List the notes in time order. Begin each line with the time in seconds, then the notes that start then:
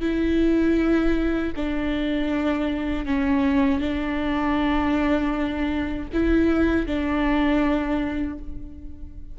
0.00 E4
1.56 D4
3.05 C#4
3.80 D4
6.13 E4
6.86 D4